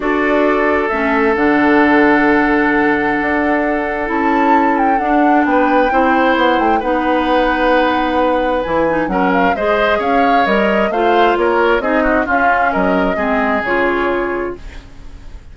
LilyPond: <<
  \new Staff \with { instrumentName = "flute" } { \time 4/4 \tempo 4 = 132 d''2 e''4 fis''4~ | fis''1~ | fis''4 a''4. g''8 fis''4 | g''2 fis''8 g''8 fis''4~ |
fis''2. gis''4 | fis''8 f''8 dis''4 f''4 dis''4 | f''4 cis''4 dis''4 f''4 | dis''2 cis''2 | }
  \new Staff \with { instrumentName = "oboe" } { \time 4/4 a'1~ | a'1~ | a'1 | b'4 c''2 b'4~ |
b'1 | ais'4 c''4 cis''2 | c''4 ais'4 gis'8 fis'8 f'4 | ais'4 gis'2. | }
  \new Staff \with { instrumentName = "clarinet" } { \time 4/4 fis'2 cis'4 d'4~ | d'1~ | d'4 e'2 d'4~ | d'4 e'2 dis'4~ |
dis'2. e'8 dis'8 | cis'4 gis'2 ais'4 | f'2 dis'4 cis'4~ | cis'4 c'4 f'2 | }
  \new Staff \with { instrumentName = "bassoon" } { \time 4/4 d'2 a4 d4~ | d2. d'4~ | d'4 cis'2 d'4 | b4 c'4 b8 a8 b4~ |
b2. e4 | fis4 gis4 cis'4 g4 | a4 ais4 c'4 cis'4 | fis4 gis4 cis2 | }
>>